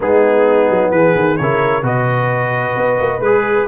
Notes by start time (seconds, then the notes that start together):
0.00 G#3 B3 D#4 G#4
0.69 F#3
0.91 E3 G#4 B4
1.15 D#3
1.37 C#3 E4 A#4 C#5
1.82 B2 F#4 B4 D#5
2.76 B3
3.00 A#3
3.19 G#3 G#4 B4